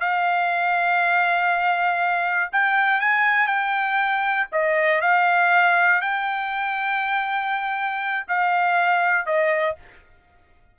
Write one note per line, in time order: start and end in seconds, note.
0.00 2.50 F5
2.52 3.00 G5
3.00 3.47 G#5
3.47 4.47 G5
4.52 5.01 D#5
5.01 6.01 F5
6.01 8.26 G5
8.28 9.26 F5
9.26 9.76 D#5